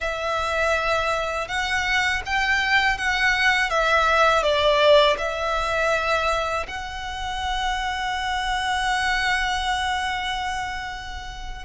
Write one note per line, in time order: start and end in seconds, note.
0.00 1.47 E5
1.47 2.22 F#5
2.25 2.97 G5
2.97 3.69 F#5
3.69 4.42 E5
4.42 5.16 D5
5.18 6.66 E5
6.67 11.65 F#5